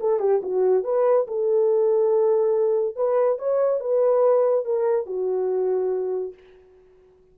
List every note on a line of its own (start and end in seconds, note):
0.00 0.19 A4
0.19 0.41 G4
0.42 0.84 F#4
0.84 1.26 B4
1.27 2.96 A4
2.96 3.38 B4
3.38 3.80 C#5
3.80 4.65 B4
4.65 5.06 A#4
5.06 6.34 F#4